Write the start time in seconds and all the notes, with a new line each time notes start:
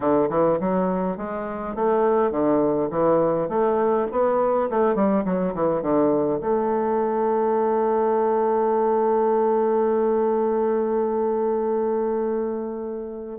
0.00 D3
0.29 E3
0.60 F#3
1.17 G#3
1.75 A3
2.31 D3
2.90 E3
3.48 A3
4.11 B3
4.69 A3
4.95 G3
5.25 F#3
5.54 E3
5.81 D3
6.40 A3